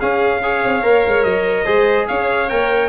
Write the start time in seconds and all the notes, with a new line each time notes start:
0.00 C#4 G#4 F5
0.43 G#4 C#5
0.65 C4
0.83 A#3 A#4
1.08 G#3
1.23 F#3 D#5
1.65 G#3 G#4 C5
2.08 C#4 C#5 F5
2.49 A#3 A#4 G5